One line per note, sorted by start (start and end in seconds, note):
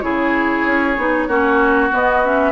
0.00 0.66 C#3
0.00 0.96 E4
0.00 1.27 G#4
0.00 1.89 C#5
0.66 0.97 C#4
0.97 1.27 B3
0.97 1.28 D#4
1.27 1.91 A#3
1.27 1.90 C#4
1.27 2.51 F#4
1.90 2.21 B3
1.90 2.51 B3
1.90 2.25 D#5
2.24 2.51 C#4
2.24 2.51 E5